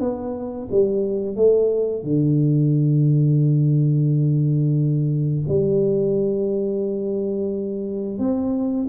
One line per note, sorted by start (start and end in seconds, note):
0.00 0.68 B3
0.71 1.36 G3
1.36 2.03 A3
2.03 5.44 D3
5.48 8.19 G3
8.19 8.87 C4